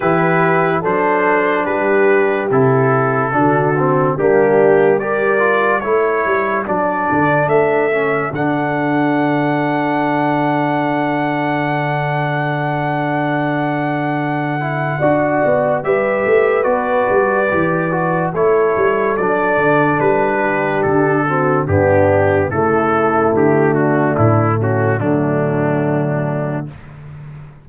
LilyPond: <<
  \new Staff \with { instrumentName = "trumpet" } { \time 4/4 \tempo 4 = 72 b'4 c''4 b'4 a'4~ | a'4 g'4 d''4 cis''4 | d''4 e''4 fis''2~ | fis''1~ |
fis''2. e''4 | d''2 cis''4 d''4 | b'4 a'4 g'4 a'4 | g'8 fis'8 e'8 fis'8 d'2 | }
  \new Staff \with { instrumentName = "horn" } { \time 4/4 g'4 a'4 g'2 | fis'4 d'4 ais'4 a'4~ | a'1~ | a'1~ |
a'2 d''4 b'4~ | b'2 a'2~ | a'8 g'4 fis'8 d'4 e'4~ | e'8 d'4 cis'8 a2 | }
  \new Staff \with { instrumentName = "trombone" } { \time 4/4 e'4 d'2 e'4 | d'8 c'8 ais4 g'8 f'8 e'4 | d'4. cis'8 d'2~ | d'1~ |
d'4. e'8 fis'4 g'4 | fis'4 g'8 fis'8 e'4 d'4~ | d'4. c'8 b4 a4~ | a2 fis2 | }
  \new Staff \with { instrumentName = "tuba" } { \time 4/4 e4 fis4 g4 c4 | d4 g2 a8 g8 | fis8 d8 a4 d2~ | d1~ |
d2 d'8 b8 g8 a8 | b8 g8 e4 a8 g8 fis8 d8 | g4 d4 g,4 cis4 | d4 a,4 d2 | }
>>